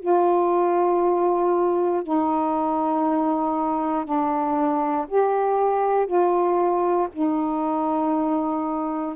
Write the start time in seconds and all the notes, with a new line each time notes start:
0.00 F4
2.03 D#4
4.05 D4
5.08 G4
6.06 F4
7.12 D#4